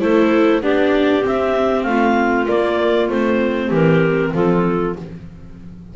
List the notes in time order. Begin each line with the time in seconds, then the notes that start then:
0.00 A3 E4 A4 C5
0.62 B3 D4 G4 D5
1.22 C4 E5
1.83 A3 F4 F5
2.48 A#3 D5
3.09 A3 C4 C5
3.68 E3 G4 A#4
4.34 F3 F4 A4